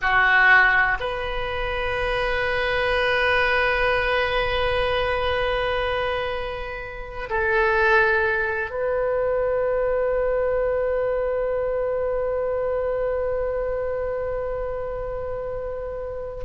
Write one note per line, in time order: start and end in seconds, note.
0.01 0.98 F#4
1.00 7.29 B4
7.29 8.70 A4
8.70 16.44 B4